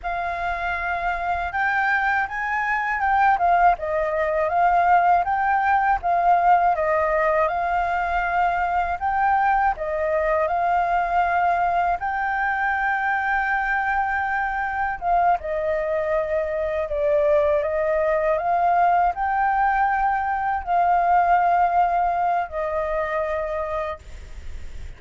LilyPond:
\new Staff \with { instrumentName = "flute" } { \time 4/4 \tempo 4 = 80 f''2 g''4 gis''4 | g''8 f''8 dis''4 f''4 g''4 | f''4 dis''4 f''2 | g''4 dis''4 f''2 |
g''1 | f''8 dis''2 d''4 dis''8~ | dis''8 f''4 g''2 f''8~ | f''2 dis''2 | }